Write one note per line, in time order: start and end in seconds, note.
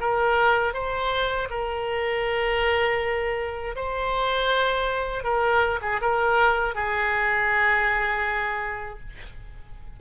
0.00 0.74 A#4
0.74 1.48 C5
1.50 3.75 A#4
3.76 5.24 C5
5.24 5.80 A#4
5.82 6.00 G#4
6.01 6.75 A#4
6.75 9.00 G#4